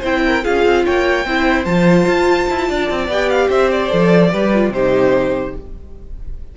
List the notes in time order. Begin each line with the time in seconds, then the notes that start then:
0.00 C4 E4 C5 G5
0.26 A#4
0.43 C#4 F4 G#4 F5
0.65 C4
0.85 A#3 C#5 G5
1.25 C4 E4 C5
1.65 F3 F4 A5
2.06 F4
2.49 E4
2.68 D4 D5
2.90 C4
3.08 B3 G4 G5
3.29 F5
3.48 C4 C5 E5
3.71 D5
3.89 F3 A4
4.30 G3 G4 B4
4.53 F4
4.69 C3 D#4 G4 C5